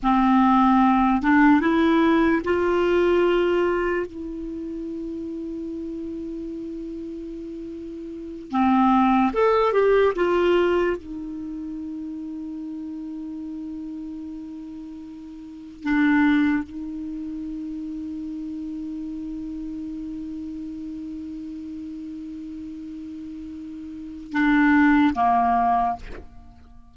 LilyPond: \new Staff \with { instrumentName = "clarinet" } { \time 4/4 \tempo 4 = 74 c'4. d'8 e'4 f'4~ | f'4 e'2.~ | e'2~ e'8 c'4 a'8 | g'8 f'4 dis'2~ dis'8~ |
dis'2.~ dis'8 d'8~ | d'8 dis'2.~ dis'8~ | dis'1~ | dis'2 d'4 ais4 | }